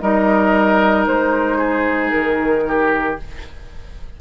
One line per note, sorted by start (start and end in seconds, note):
0.00 1.07 G3
0.00 3.17 D#4
0.00 1.58 A#4
0.00 1.05 D#5
1.06 2.12 G#3
1.06 2.10 C5
1.58 2.63 G#4
2.10 3.19 D#3
2.10 3.16 A#4
2.68 3.20 G4